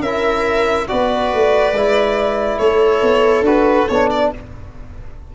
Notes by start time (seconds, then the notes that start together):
0.00 C#4 E4 A#4 E5
0.88 B3 F#4 B4 D5
1.33 A3
1.73 G#3 E4
2.58 A3 A4 C#5
3.02 B3
3.42 D4 F#4 B4
3.88 B3 D4 C#5
4.10 D5